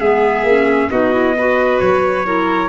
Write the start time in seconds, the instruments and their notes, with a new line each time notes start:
0.00 tuba G#3, clarinet B3, violin G#4, trumpet E5
0.44 tuba A#3, clarinet C#4
0.90 tuba B3, clarinet D#4, violin F#4, trumpet D#5
1.12 clarinet E4
1.38 clarinet F#4, violin B4
1.80 tuba F#3, trumpet C#5
2.25 clarinet E4, violin A#4